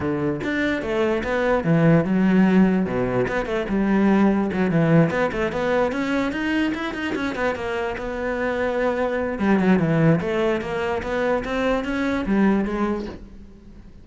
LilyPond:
\new Staff \with { instrumentName = "cello" } { \time 4/4 \tempo 4 = 147 d4 d'4 a4 b4 | e4 fis2 b,4 | b8 a8 g2 fis8 e8~ | e8 b8 a8 b4 cis'4 dis'8~ |
dis'8 e'8 dis'8 cis'8 b8 ais4 b8~ | b2. g8 fis8 | e4 a4 ais4 b4 | c'4 cis'4 g4 gis4 | }